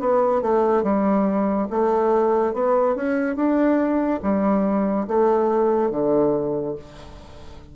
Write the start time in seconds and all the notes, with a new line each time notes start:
0.00 B3
0.42 A3
0.84 G3
1.71 A3
2.54 B3
2.96 C#4
3.36 D4
4.23 G3
5.08 A3
5.91 D3